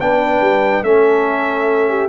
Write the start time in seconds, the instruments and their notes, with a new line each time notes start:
0.00 tuba B3, trombone D4, horn B4, trumpet G5
0.41 tuba G3
0.83 tuba A3, trombone C#4, horn A4, trumpet E5
1.89 horn G4